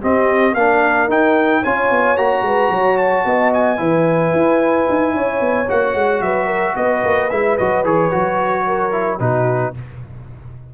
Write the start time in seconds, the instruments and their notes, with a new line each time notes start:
0.00 trombone C4, tuba C4, horn G4, trumpet D#5
0.54 tuba A#3, trombone D4, horn A#4, trumpet F5
1.08 tuba D#4, trombone D#4, trumpet G5
1.62 tuba C#4, trombone F4, horn C#5, trumpet G#5
1.91 tuba B3
2.17 tuba A#3, trombone F#4, trumpet A#5
2.42 tuba G#3, horn B4
2.71 tuba F#3, horn C#5
2.98 trumpet A5
3.25 tuba B3, horn D#5
3.54 trumpet G#5
3.77 tuba E3, trombone E4, horn B4
4.33 tuba E4
4.90 tuba D#4
5.15 tuba C#4, horn C#5
5.41 tuba B3
5.69 tuba A#3, trombone F#4, trumpet F#5
5.95 tuba G#3
6.21 tuba F#3, horn B4, trumpet E5
6.46 horn A#4
6.76 tuba B3, horn B4, trumpet D#5
7.05 tuba A#3
7.30 tuba G#3, trombone E4, trumpet E5
7.58 tuba F#3, trombone F#4, trumpet D#5
7.84 tuba E3, trombone G#4, trumpet C#5
8.11 tuba F#3, trombone F#4
8.66 horn A#4
8.92 trombone E4
9.20 tuba B2, trombone D#4, horn F#4, trumpet B4